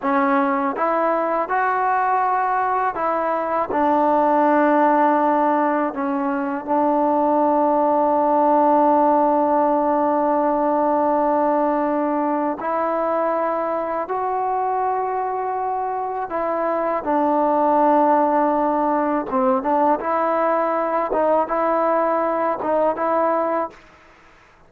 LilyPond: \new Staff \with { instrumentName = "trombone" } { \time 4/4 \tempo 4 = 81 cis'4 e'4 fis'2 | e'4 d'2. | cis'4 d'2.~ | d'1~ |
d'4 e'2 fis'4~ | fis'2 e'4 d'4~ | d'2 c'8 d'8 e'4~ | e'8 dis'8 e'4. dis'8 e'4 | }